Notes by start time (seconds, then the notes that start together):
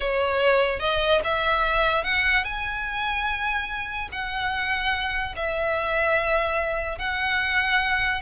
0.00 C#5
0.79 D#5
1.23 E5
2.03 F#5
2.44 G#5
4.12 F#5
5.36 E5
6.98 F#5